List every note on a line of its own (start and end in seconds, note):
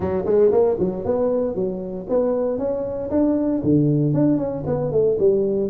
0.00 0.24 F#3
0.25 0.51 G#3
0.51 0.77 A#3
0.79 1.04 F#3
1.04 1.54 B3
1.54 2.06 F#3
2.09 2.58 B3
2.58 3.10 C#4
3.10 3.62 D4
3.63 4.13 D3
4.13 4.37 D4
4.37 4.63 C#4
4.66 4.91 B3
4.91 5.17 A3
5.19 5.69 G3